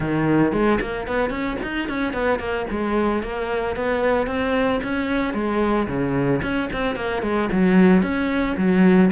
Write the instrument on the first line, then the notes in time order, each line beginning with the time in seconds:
cello
0.00 D#3
0.52 G#3
0.80 A#3
1.07 B3
1.30 C#4
1.62 D#4
1.88 C#4
2.13 B3
2.39 A#3
2.70 G#3
3.22 A#3
3.76 B3
4.26 C4
4.83 C#4
5.33 G#3
5.87 C#3
6.42 C#4
6.73 C4
6.95 A#3
7.22 G#3
7.51 F#3
8.02 C#4
8.57 F#3